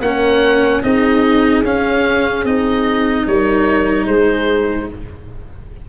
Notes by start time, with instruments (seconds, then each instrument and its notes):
0.00 tuba A#3, cello C#4, horn A#4, oboe F#5
0.82 tuba C4, cello D#4, horn G#4, oboe D#5
1.63 tuba C#4, cello C#4, oboe F5
2.44 tuba C4, cello D#4, oboe D#5
3.26 tuba G3, horn A#4, oboe C#5
4.05 tuba G#3, horn G#4, oboe C5